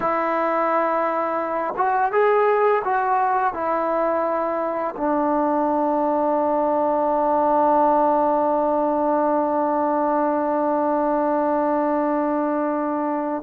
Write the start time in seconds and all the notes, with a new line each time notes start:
0.00 E4
1.76 F#4
2.11 G#4
2.84 F#4
3.53 E4
4.96 D4